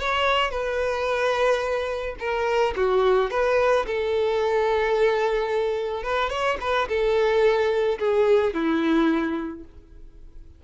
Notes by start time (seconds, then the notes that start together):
0.00 C#5
0.51 B4
2.19 A#4
2.76 F#4
3.31 B4
3.87 A4
6.04 B4
6.30 C#5
6.61 B4
6.89 A4
7.99 G#4
8.54 E4